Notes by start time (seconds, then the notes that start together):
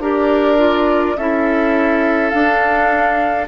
0.00 D4 G4 A#4 D5
0.58 F4
1.18 C#4 E4 A4 E5
2.30 D4 F5